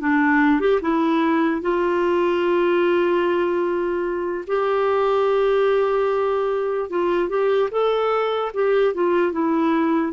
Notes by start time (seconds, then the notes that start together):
0.00 D4
0.60 G4
0.81 E4
1.61 F4
4.46 G4
6.89 F4
7.29 G4
7.71 A4
8.54 G4
8.94 F4
9.32 E4